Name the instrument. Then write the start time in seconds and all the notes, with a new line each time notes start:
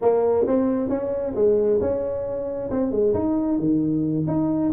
tuba
0.01 A#3
0.46 C4
0.89 C#4
1.35 G#3
1.80 C#4
2.70 C4
2.91 G#3
3.13 D#4
3.58 D#3
4.27 D#4